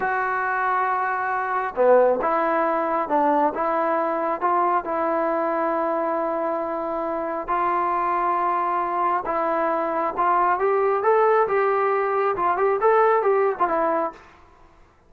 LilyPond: \new Staff \with { instrumentName = "trombone" } { \time 4/4 \tempo 4 = 136 fis'1 | b4 e'2 d'4 | e'2 f'4 e'4~ | e'1~ |
e'4 f'2.~ | f'4 e'2 f'4 | g'4 a'4 g'2 | f'8 g'8 a'4 g'8. f'16 e'4 | }